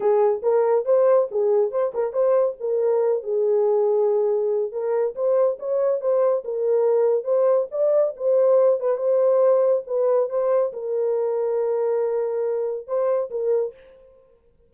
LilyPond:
\new Staff \with { instrumentName = "horn" } { \time 4/4 \tempo 4 = 140 gis'4 ais'4 c''4 gis'4 | c''8 ais'8 c''4 ais'4. gis'8~ | gis'2. ais'4 | c''4 cis''4 c''4 ais'4~ |
ais'4 c''4 d''4 c''4~ | c''8 b'8 c''2 b'4 | c''4 ais'2.~ | ais'2 c''4 ais'4 | }